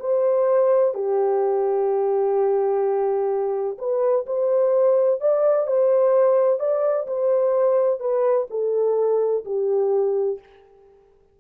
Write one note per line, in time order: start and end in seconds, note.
0.00 0.94 C5
0.94 3.78 G4
3.79 4.26 B4
4.27 5.21 C5
5.21 5.67 D5
5.67 6.60 C5
6.60 7.07 D5
7.08 8.00 C5
8.00 8.47 B4
8.51 9.45 A4
9.45 10.40 G4